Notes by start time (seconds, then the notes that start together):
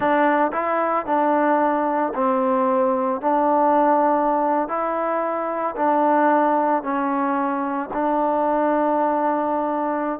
0.00 D4
0.52 E4
1.06 D4
2.14 C4
3.21 D4
4.68 E4
5.76 D4
6.82 C#4
7.93 D4